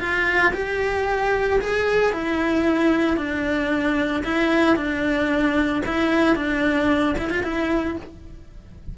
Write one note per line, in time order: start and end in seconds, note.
0.00 0.53 F4
0.54 1.60 G4
1.61 2.13 G#4
2.13 3.17 E4
3.17 4.24 D4
4.25 4.76 E4
4.76 5.83 D4
5.86 6.36 E4
6.36 7.16 D4
7.19 7.31 E4
7.31 7.44 F4
7.44 7.97 E4